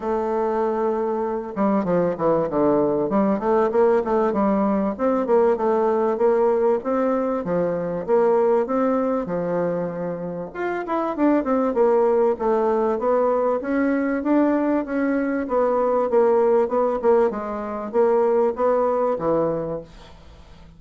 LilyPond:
\new Staff \with { instrumentName = "bassoon" } { \time 4/4 \tempo 4 = 97 a2~ a8 g8 f8 e8 | d4 g8 a8 ais8 a8 g4 | c'8 ais8 a4 ais4 c'4 | f4 ais4 c'4 f4~ |
f4 f'8 e'8 d'8 c'8 ais4 | a4 b4 cis'4 d'4 | cis'4 b4 ais4 b8 ais8 | gis4 ais4 b4 e4 | }